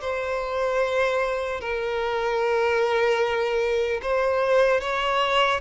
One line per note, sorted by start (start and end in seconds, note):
0.00 1.60 C5
1.60 4.00 A#4
4.02 4.80 C5
4.80 5.60 C#5